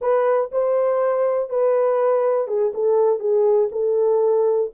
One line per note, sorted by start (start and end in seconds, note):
0.01 0.50 B4
0.51 1.49 C5
1.49 2.47 B4
2.47 2.72 G#4
2.74 3.19 A4
3.19 3.69 G#4
3.71 4.70 A4